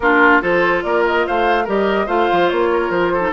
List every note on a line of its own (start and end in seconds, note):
0.00 0.41 A#3
0.00 0.41 D4
0.00 0.42 F4
0.00 0.41 A#4
0.41 0.84 F3
0.41 1.66 F4
0.41 0.83 A4
0.41 0.82 C5
0.82 1.25 A#3
0.82 1.26 A#4
0.82 1.03 D5
1.06 1.26 D#5
1.26 1.67 A3
1.26 1.64 C5
1.26 1.68 F5
1.64 2.07 G3
1.64 2.07 G4
1.64 2.06 A#4
1.64 2.07 D#5
2.06 2.28 A3
2.06 3.20 F4
2.06 2.68 C5
2.06 2.49 F5
2.32 2.51 F3
2.49 2.89 A#3
2.49 2.90 C#5
2.72 3.13 A#4
2.89 3.31 F3
2.89 3.32 C5
3.13 3.33 A4
3.20 3.30 D#4